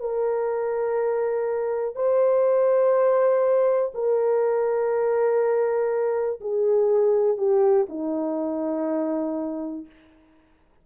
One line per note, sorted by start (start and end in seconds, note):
0.00 1.95 A#4
1.95 3.92 C5
3.94 6.40 A#4
6.41 7.37 G#4
7.37 7.86 G4
7.89 9.86 D#4